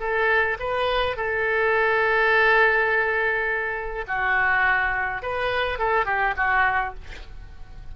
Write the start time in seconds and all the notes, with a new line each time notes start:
0.00 A4
0.60 B4
1.17 A4
4.08 F#4
5.22 B4
5.79 A4
6.06 G4
6.37 F#4